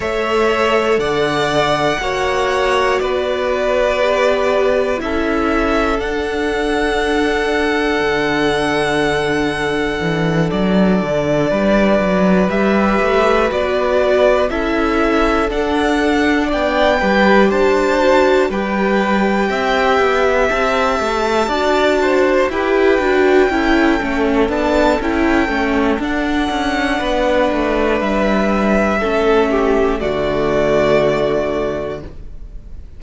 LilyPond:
<<
  \new Staff \with { instrumentName = "violin" } { \time 4/4 \tempo 4 = 60 e''4 fis''2 d''4~ | d''4 e''4 fis''2~ | fis''2~ fis''8 d''4.~ | d''8 e''4 d''4 e''4 fis''8~ |
fis''8 g''4 a''4 g''4.~ | g''8 a''2 g''4.~ | g''8 a''8 g''4 fis''2 | e''2 d''2 | }
  \new Staff \with { instrumentName = "violin" } { \time 4/4 cis''4 d''4 cis''4 b'4~ | b'4 a'2.~ | a'2.~ a'8 b'8~ | b'2~ b'8 a'4.~ |
a'8 d''8 b'8 c''4 b'4 e''8~ | e''4. d''8 c''8 b'4 a'8~ | a'2. b'4~ | b'4 a'8 g'8 fis'2 | }
  \new Staff \with { instrumentName = "viola" } { \time 4/4 a'2 fis'2 | g'4 e'4 d'2~ | d'1~ | d'8 g'4 fis'4 e'4 d'8~ |
d'4 g'4 fis'8 g'4.~ | g'4. fis'4 g'8 fis'8 e'8 | cis'8 d'8 e'8 cis'8 d'2~ | d'4 cis'4 a2 | }
  \new Staff \with { instrumentName = "cello" } { \time 4/4 a4 d4 ais4 b4~ | b4 cis'4 d'2 | d2 e8 fis8 d8 g8 | fis8 g8 a8 b4 cis'4 d'8~ |
d'8 b8 g8 d'4 g4 c'8 | b8 c'8 a8 d'4 e'8 d'8 cis'8 | a8 b8 cis'8 a8 d'8 cis'8 b8 a8 | g4 a4 d2 | }
>>